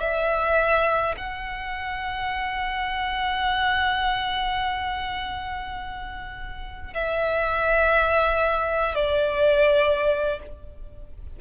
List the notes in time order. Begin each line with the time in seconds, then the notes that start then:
0.00 E5
1.17 F#5
6.94 E5
8.95 D5